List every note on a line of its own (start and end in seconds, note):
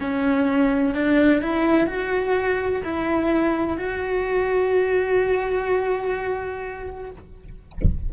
0.00 0.94 C#4
0.94 1.42 D4
1.42 1.87 E4
1.87 2.82 F#4
2.84 3.77 E4
3.77 7.10 F#4